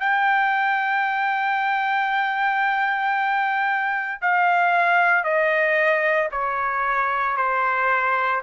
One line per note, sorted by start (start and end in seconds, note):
0.00 4.21 G5
4.22 5.24 F5
5.24 6.29 D#5
6.32 7.37 C#5
7.37 8.42 C5